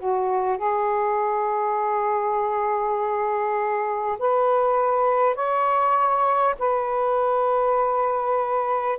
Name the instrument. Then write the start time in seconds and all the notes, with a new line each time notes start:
saxophone
0.00 F#4
0.58 G#4
4.19 B4
5.36 C#5
6.59 B4